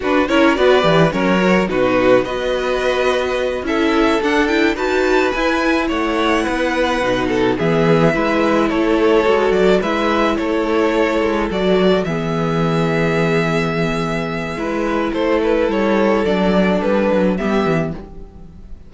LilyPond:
<<
  \new Staff \with { instrumentName = "violin" } { \time 4/4 \tempo 4 = 107 b'8 cis''8 d''4 cis''4 b'4 | dis''2~ dis''8 e''4 fis''8 | g''8 a''4 gis''4 fis''4.~ | fis''4. e''2 cis''8~ |
cis''4 d''8 e''4 cis''4.~ | cis''8 d''4 e''2~ e''8~ | e''2. c''8 b'8 | cis''4 d''4 b'4 e''4 | }
  \new Staff \with { instrumentName = "violin" } { \time 4/4 fis'8 ais'8 b'4 ais'4 fis'4 | b'2~ b'8 a'4.~ | a'8 b'2 cis''4 b'8~ | b'4 a'8 gis'4 b'4 a'8~ |
a'4. b'4 a'4.~ | a'4. gis'2~ gis'8~ | gis'2 b'4 a'4~ | a'2. g'4 | }
  \new Staff \with { instrumentName = "viola" } { \time 4/4 d'8 e'8 fis'8 g'8 cis'8 fis'8 dis'4 | fis'2~ fis'8 e'4 d'8 | e'8 fis'4 e'2~ e'8~ | e'8 dis'4 b4 e'4.~ |
e'8 fis'4 e'2~ e'8~ | e'8 fis'4 b2~ b8~ | b2 e'2~ | e'4 d'2 b4 | }
  \new Staff \with { instrumentName = "cello" } { \time 4/4 d'8 cis'8 b8 e8 fis4 b,4 | b2~ b8 cis'4 d'8~ | d'8 dis'4 e'4 a4 b8~ | b8 b,4 e4 gis4 a8~ |
a8 gis8 fis8 gis4 a4. | gis8 fis4 e2~ e8~ | e2 gis4 a4 | g4 fis4 g8 fis8 g8 e8 | }
>>